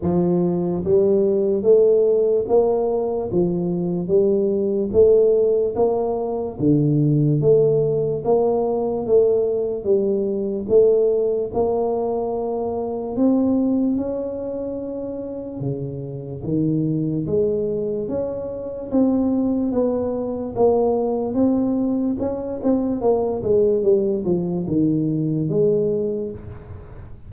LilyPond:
\new Staff \with { instrumentName = "tuba" } { \time 4/4 \tempo 4 = 73 f4 g4 a4 ais4 | f4 g4 a4 ais4 | d4 a4 ais4 a4 | g4 a4 ais2 |
c'4 cis'2 cis4 | dis4 gis4 cis'4 c'4 | b4 ais4 c'4 cis'8 c'8 | ais8 gis8 g8 f8 dis4 gis4 | }